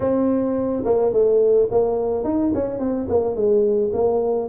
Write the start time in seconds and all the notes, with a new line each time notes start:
0.00 C4
0.84 A#3
1.12 A3
1.71 A#3
2.24 D#4
2.54 C#4
2.79 C4
3.08 A#3
3.35 G#3
3.93 A#3